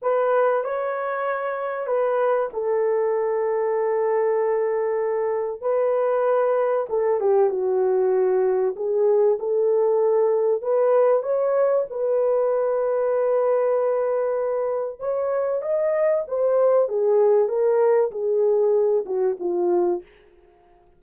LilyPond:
\new Staff \with { instrumentName = "horn" } { \time 4/4 \tempo 4 = 96 b'4 cis''2 b'4 | a'1~ | a'4 b'2 a'8 g'8 | fis'2 gis'4 a'4~ |
a'4 b'4 cis''4 b'4~ | b'1 | cis''4 dis''4 c''4 gis'4 | ais'4 gis'4. fis'8 f'4 | }